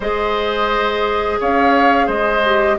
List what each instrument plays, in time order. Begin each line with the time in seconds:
0.00 bassoon G#3, clarinet G#4, oboe C5, flute D#5
1.40 bassoon C#4, oboe C#5, flute F5
2.06 bassoon G#3, oboe C5, flute D#5
2.45 clarinet G4